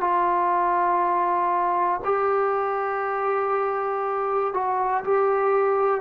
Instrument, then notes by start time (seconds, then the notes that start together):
trombone
0.00 F4
2.04 G4
4.53 F#4
5.04 G4